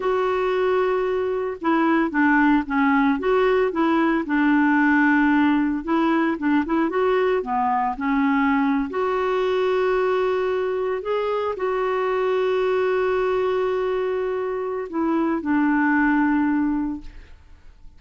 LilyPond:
\new Staff \with { instrumentName = "clarinet" } { \time 4/4 \tempo 4 = 113 fis'2. e'4 | d'4 cis'4 fis'4 e'4 | d'2. e'4 | d'8 e'8 fis'4 b4 cis'4~ |
cis'8. fis'2.~ fis'16~ | fis'8. gis'4 fis'2~ fis'16~ | fis'1 | e'4 d'2. | }